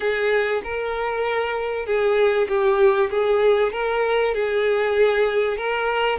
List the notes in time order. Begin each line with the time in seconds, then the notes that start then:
0.00 G#4
0.63 A#4
1.86 G#4
2.48 G4
3.10 G#4
3.72 A#4
4.34 G#4
5.57 A#4